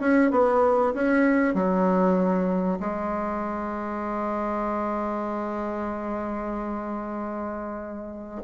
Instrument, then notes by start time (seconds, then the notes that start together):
bassoon
0.00 C#4
0.31 B3
0.94 C#4
1.54 F#3
2.80 G#3